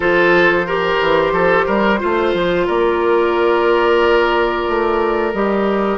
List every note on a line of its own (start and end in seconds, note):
0.00 0.98 F3
0.00 0.62 F4
0.00 0.66 A4
0.00 2.66 C5
0.66 1.98 G4
0.66 1.32 A#4
1.01 1.32 E3
1.32 1.65 F3
1.32 1.66 A4
1.66 2.00 G3
1.66 1.99 A#4
1.98 2.33 A3
1.98 5.32 F4
1.98 2.66 C5
2.33 2.66 F3
2.66 4.67 A#3
2.66 5.98 A#4
2.66 5.33 D5
4.67 5.33 A3
5.33 5.98 G3
5.33 5.98 G4
5.33 5.98 D#5